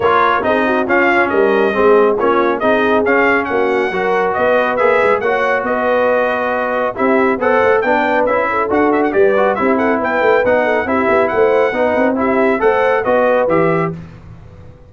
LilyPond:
<<
  \new Staff \with { instrumentName = "trumpet" } { \time 4/4 \tempo 4 = 138 cis''4 dis''4 f''4 dis''4~ | dis''4 cis''4 dis''4 f''4 | fis''2 dis''4 e''4 | fis''4 dis''2. |
e''4 fis''4 g''4 e''4 | fis''8 e''16 fis''16 d''4 e''8 fis''8 g''4 | fis''4 e''4 fis''2 | e''4 fis''4 dis''4 e''4 | }
  \new Staff \with { instrumentName = "horn" } { \time 4/4 ais'4 gis'8 fis'8 f'4 ais'4 | gis'4 f'4 gis'2 | fis'4 ais'4 b'2 | cis''4 b'2. |
g'4 c''4 b'4. a'8~ | a'4 b'4 g'8 a'8 b'4~ | b'8 a'8 g'4 c''4 b'4 | g'4 c''4 b'2 | }
  \new Staff \with { instrumentName = "trombone" } { \time 4/4 f'4 dis'4 cis'2 | c'4 cis'4 dis'4 cis'4~ | cis'4 fis'2 gis'4 | fis'1 |
e'4 a'4 d'4 e'4 | fis'4 g'8 fis'8 e'2 | dis'4 e'2 dis'4 | e'4 a'4 fis'4 g'4 | }
  \new Staff \with { instrumentName = "tuba" } { \time 4/4 ais4 c'4 cis'4 g4 | gis4 ais4 c'4 cis'4 | ais4 fis4 b4 ais8 gis8 | ais4 b2. |
c'4 b8 a8 b4 cis'4 | d'4 g4 c'4 b8 a8 | b4 c'8 b8 a4 b8 c'8~ | c'4 a4 b4 e4 | }
>>